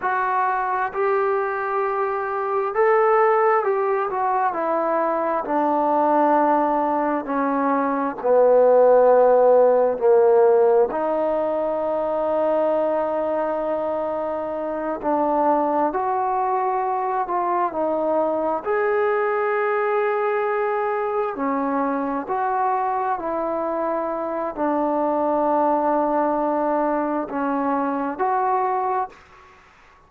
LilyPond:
\new Staff \with { instrumentName = "trombone" } { \time 4/4 \tempo 4 = 66 fis'4 g'2 a'4 | g'8 fis'8 e'4 d'2 | cis'4 b2 ais4 | dis'1~ |
dis'8 d'4 fis'4. f'8 dis'8~ | dis'8 gis'2. cis'8~ | cis'8 fis'4 e'4. d'4~ | d'2 cis'4 fis'4 | }